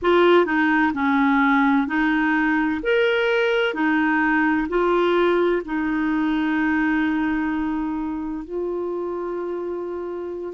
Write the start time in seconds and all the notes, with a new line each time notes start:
0.02 F4
0.45 D#4
0.93 C#4
1.87 D#4
2.83 A#4
3.74 D#4
4.68 F4
5.65 D#4
8.44 F4